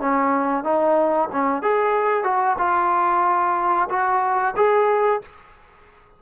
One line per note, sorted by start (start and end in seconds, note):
0.00 0.64 C#4
0.64 1.29 D#4
1.32 1.62 C#4
1.62 2.24 G#4
2.24 2.56 F#4
2.58 3.89 F4
3.89 4.54 F#4
4.56 5.21 G#4